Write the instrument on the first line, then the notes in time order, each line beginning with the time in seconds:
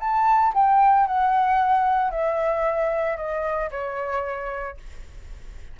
flute
0.00 A5
0.54 G5
1.07 F#5
2.11 E5
3.17 D#5
3.71 C#5